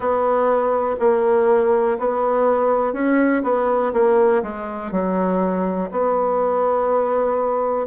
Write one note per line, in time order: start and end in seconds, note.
0.00 0.96 B3
0.99 1.98 A#3
1.99 2.93 B3
2.93 3.42 C#4
3.42 3.92 B3
3.93 4.42 A#3
4.42 4.91 G#3
4.91 5.90 F#3
5.91 7.86 B3